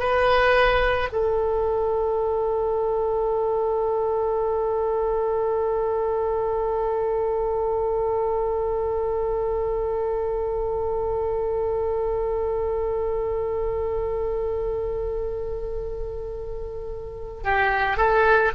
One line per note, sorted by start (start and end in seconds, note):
0.00 1.09 B4
1.13 17.44 A4
17.44 17.98 G4
17.98 18.52 A4